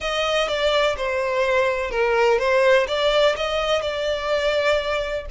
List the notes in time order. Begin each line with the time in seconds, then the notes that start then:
0.00 D#5
0.48 D5
0.96 C5
1.90 A#4
2.38 C5
2.87 D5
3.36 D#5
3.81 D5